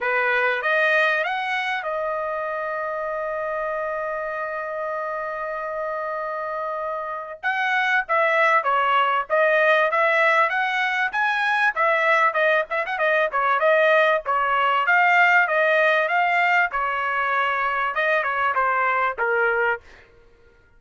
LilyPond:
\new Staff \with { instrumentName = "trumpet" } { \time 4/4 \tempo 4 = 97 b'4 dis''4 fis''4 dis''4~ | dis''1~ | dis''1 | fis''4 e''4 cis''4 dis''4 |
e''4 fis''4 gis''4 e''4 | dis''8 e''16 fis''16 dis''8 cis''8 dis''4 cis''4 | f''4 dis''4 f''4 cis''4~ | cis''4 dis''8 cis''8 c''4 ais'4 | }